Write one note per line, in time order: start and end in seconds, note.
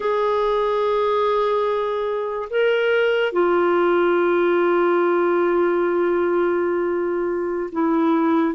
0.00 2.48 G#4
2.50 3.32 A#4
3.32 7.70 F4
7.72 8.54 E4